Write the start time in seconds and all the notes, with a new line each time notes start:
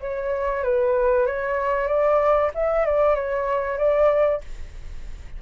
0.00 C#5
0.63 B4
1.26 C#5
1.87 D5
2.54 E5
2.85 D5
3.15 C#5
3.78 D5